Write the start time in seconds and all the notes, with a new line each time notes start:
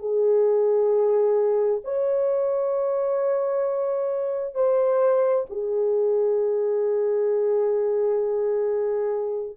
0.00 G#4
1.85 C#5
4.55 C5
5.50 G#4